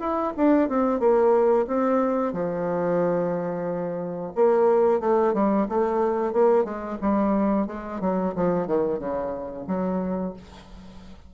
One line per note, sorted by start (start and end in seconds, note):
0.00 0.33 E4
0.37 0.69 D4
0.69 1.00 C4
1.00 1.67 A#3
1.68 2.33 C4
2.33 4.33 F3
4.36 5.01 A#3
5.01 5.34 A3
5.34 5.67 G3
5.69 6.33 A3
6.33 6.65 A#3
6.65 6.98 G#3
7.02 7.68 G3
7.68 8.01 G#3
8.01 8.34 F#3
8.36 8.68 F3
8.68 8.99 D#3
8.99 9.66 C#3
9.68 10.34 F#3